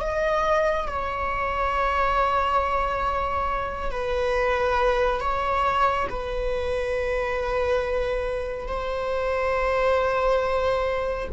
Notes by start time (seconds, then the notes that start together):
0.00 D#5
0.87 C#5
3.91 B4
5.20 C#5
6.09 B4
8.67 C5